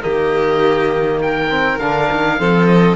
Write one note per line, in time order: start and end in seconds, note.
0.00 1.80 D#3
0.00 1.47 A#3
0.00 1.21 G4
0.00 1.21 D#5
1.22 2.40 A#4
1.22 1.79 G5
1.50 1.80 C4
1.79 2.10 D3
1.79 2.39 D4
1.79 2.67 F5
2.12 2.40 D#3
2.39 2.96 F3
2.39 2.96 C4
2.39 2.96 A4
2.67 2.96 D#5